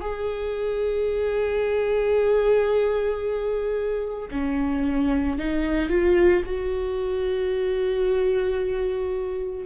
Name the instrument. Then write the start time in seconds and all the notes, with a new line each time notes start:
viola
0.00 G#4
4.31 C#4
5.38 D#4
5.89 F4
6.45 F#4